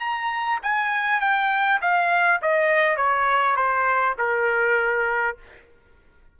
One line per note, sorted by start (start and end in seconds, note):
0.00 0.59 A#5
0.63 1.21 G#5
1.21 1.80 G5
1.82 2.41 F5
2.42 2.97 D#5
2.97 3.56 C#5
3.56 4.16 C5
4.18 5.37 A#4